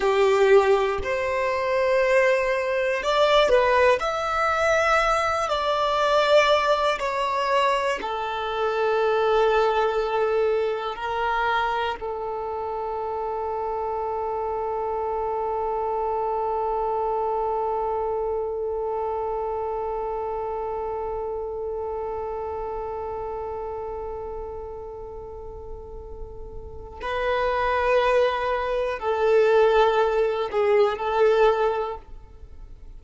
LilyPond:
\new Staff \with { instrumentName = "violin" } { \time 4/4 \tempo 4 = 60 g'4 c''2 d''8 b'8 | e''4. d''4. cis''4 | a'2. ais'4 | a'1~ |
a'1~ | a'1~ | a'2. b'4~ | b'4 a'4. gis'8 a'4 | }